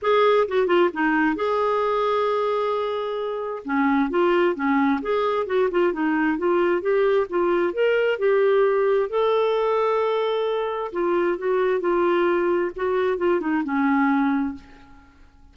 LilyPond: \new Staff \with { instrumentName = "clarinet" } { \time 4/4 \tempo 4 = 132 gis'4 fis'8 f'8 dis'4 gis'4~ | gis'1 | cis'4 f'4 cis'4 gis'4 | fis'8 f'8 dis'4 f'4 g'4 |
f'4 ais'4 g'2 | a'1 | f'4 fis'4 f'2 | fis'4 f'8 dis'8 cis'2 | }